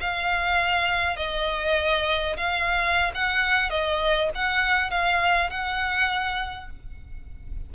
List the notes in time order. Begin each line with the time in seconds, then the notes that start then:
0.00 F5
1.16 D#5
2.36 F5
3.14 F#5
3.70 D#5
4.34 F#5
4.90 F5
5.50 F#5